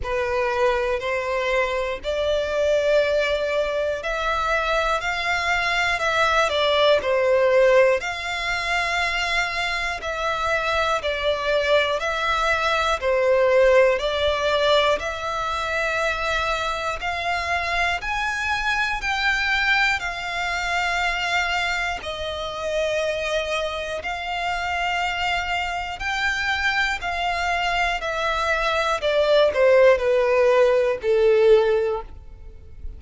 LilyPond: \new Staff \with { instrumentName = "violin" } { \time 4/4 \tempo 4 = 60 b'4 c''4 d''2 | e''4 f''4 e''8 d''8 c''4 | f''2 e''4 d''4 | e''4 c''4 d''4 e''4~ |
e''4 f''4 gis''4 g''4 | f''2 dis''2 | f''2 g''4 f''4 | e''4 d''8 c''8 b'4 a'4 | }